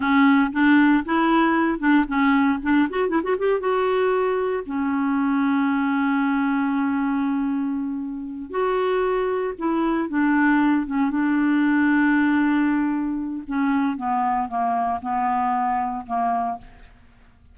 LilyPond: \new Staff \with { instrumentName = "clarinet" } { \time 4/4 \tempo 4 = 116 cis'4 d'4 e'4. d'8 | cis'4 d'8 fis'8 e'16 fis'16 g'8 fis'4~ | fis'4 cis'2.~ | cis'1~ |
cis'8 fis'2 e'4 d'8~ | d'4 cis'8 d'2~ d'8~ | d'2 cis'4 b4 | ais4 b2 ais4 | }